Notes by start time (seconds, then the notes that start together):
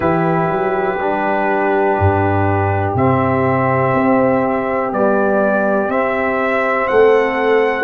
0.00 E3 E4 G4 B4
0.49 F#3
0.99 G3 D4
1.98 G2
2.94 C3 C4 E5
3.93 C4
4.92 G3 B3 D5
5.88 C4 E5
6.87 A3 A4 F#5